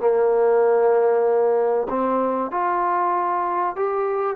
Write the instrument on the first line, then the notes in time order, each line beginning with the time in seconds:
trombone
0.00 A#3
1.89 C4
2.51 F4
3.76 G4